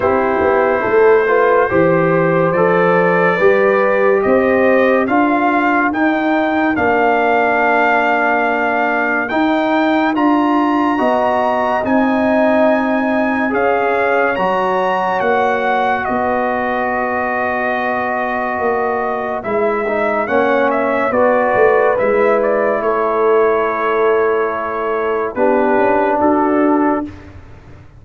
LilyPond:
<<
  \new Staff \with { instrumentName = "trumpet" } { \time 4/4 \tempo 4 = 71 c''2. d''4~ | d''4 dis''4 f''4 g''4 | f''2. g''4 | ais''2 gis''2 |
f''4 ais''4 fis''4 dis''4~ | dis''2. e''4 | fis''8 e''8 d''4 e''8 d''8 cis''4~ | cis''2 b'4 a'4 | }
  \new Staff \with { instrumentName = "horn" } { \time 4/4 g'4 a'8 b'8 c''2 | b'4 c''4 ais'2~ | ais'1~ | ais'4 dis''2. |
cis''2. b'4~ | b'1 | cis''4 b'2 a'4~ | a'2 g'4 fis'4 | }
  \new Staff \with { instrumentName = "trombone" } { \time 4/4 e'4. f'8 g'4 a'4 | g'2 f'4 dis'4 | d'2. dis'4 | f'4 fis'4 dis'2 |
gis'4 fis'2.~ | fis'2. e'8 dis'8 | cis'4 fis'4 e'2~ | e'2 d'2 | }
  \new Staff \with { instrumentName = "tuba" } { \time 4/4 c'8 b8 a4 e4 f4 | g4 c'4 d'4 dis'4 | ais2. dis'4 | d'4 b4 c'2 |
cis'4 fis4 ais4 b4~ | b2 ais4 gis4 | ais4 b8 a8 gis4 a4~ | a2 b8 cis'8 d'4 | }
>>